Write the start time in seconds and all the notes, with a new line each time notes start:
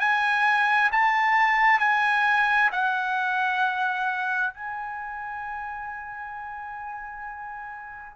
0.00 G#5
0.92 A5
1.80 G#5
2.72 F#5
4.54 G#5